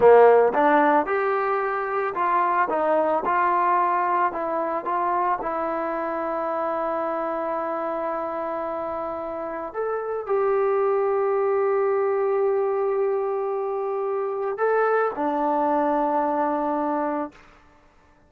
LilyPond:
\new Staff \with { instrumentName = "trombone" } { \time 4/4 \tempo 4 = 111 ais4 d'4 g'2 | f'4 dis'4 f'2 | e'4 f'4 e'2~ | e'1~ |
e'2 a'4 g'4~ | g'1~ | g'2. a'4 | d'1 | }